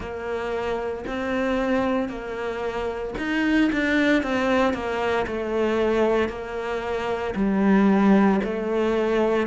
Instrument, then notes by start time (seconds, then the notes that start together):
cello
0.00 A#3
1.07 C4
2.09 A#3
3.18 D#4
3.72 D4
4.22 C4
4.73 A#3
5.26 A3
6.29 A#3
7.35 G3
8.44 A3